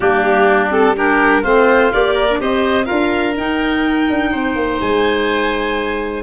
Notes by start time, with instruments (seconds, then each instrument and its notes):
0.00 tuba G3, clarinet A#3, oboe D4, violin G4
0.69 clarinet C4, violin A4
0.96 clarinet D4, oboe G4, violin A#4
1.42 tuba A3, clarinet C4, oboe F4, violin C5
1.92 tuba A#3, clarinet G4, violin D5
2.14 oboe A#4
2.29 clarinet D4
2.39 tuba C4, clarinet G4, oboe C5, violin D#5
2.84 clarinet F4, oboe A#4, violin F5
2.91 tuba D4
3.37 tuba D#4, clarinet D#4, violin G5
4.09 tuba D4
4.31 tuba C4, oboe C5
4.55 tuba A#3
4.80 tuba G#3, violin G#5